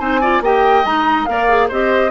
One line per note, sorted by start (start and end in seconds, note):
0.00 0.41 C4
0.00 0.21 D#4
0.00 0.21 C5
0.00 0.43 G#5
0.21 0.43 F4
0.21 0.43 D5
0.41 0.84 A#3
0.41 0.85 G4
0.41 1.30 D#5
0.41 0.86 G5
0.85 1.27 G#3
0.85 1.27 D#4
0.85 1.26 A#5
1.26 1.71 A#3
1.26 1.49 A#4
1.26 1.69 D5
1.26 1.68 F5
1.49 1.70 G#4
1.69 2.11 C4
1.69 2.11 G4
1.69 2.11 C5
1.69 2.11 D#5